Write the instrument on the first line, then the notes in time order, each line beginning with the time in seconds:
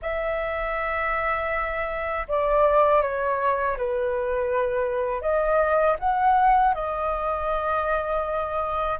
flute
0.01 E5
2.27 D5
3.01 C#5
3.77 B4
5.21 D#5
5.99 F#5
6.74 D#5